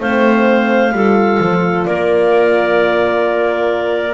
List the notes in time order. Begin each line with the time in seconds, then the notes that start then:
0.00 A3 C4 C5 F5
0.92 G3 F4 A4
1.40 F3
1.86 A#3 A#4 D5